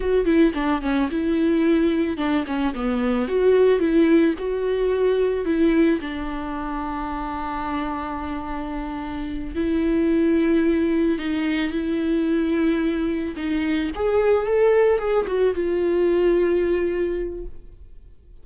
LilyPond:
\new Staff \with { instrumentName = "viola" } { \time 4/4 \tempo 4 = 110 fis'8 e'8 d'8 cis'8 e'2 | d'8 cis'8 b4 fis'4 e'4 | fis'2 e'4 d'4~ | d'1~ |
d'4. e'2~ e'8~ | e'8 dis'4 e'2~ e'8~ | e'8 dis'4 gis'4 a'4 gis'8 | fis'8 f'2.~ f'8 | }